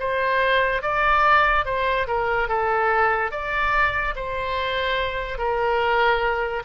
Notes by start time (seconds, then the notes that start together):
0.00 C5
0.83 D5
1.66 C5
2.08 A#4
2.49 A4
3.31 D5
4.16 C5
5.38 A#4